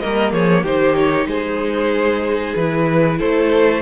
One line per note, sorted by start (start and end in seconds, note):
0.00 0.32 G3
0.00 0.65 A#3
0.00 0.33 A#4
0.00 0.32 D#5
0.32 0.63 F3
0.32 0.63 G#4
0.32 0.64 C#5
0.63 1.26 D#3
0.63 2.58 D#4
0.63 1.27 G4
0.63 0.96 C5
0.96 1.28 C#5
1.26 2.53 G#3
1.26 3.19 G#4
1.26 2.55 C5
2.55 3.20 E3
2.55 3.82 E4
2.55 3.19 B4
3.19 3.82 A3
3.19 3.82 A4
3.19 3.82 C5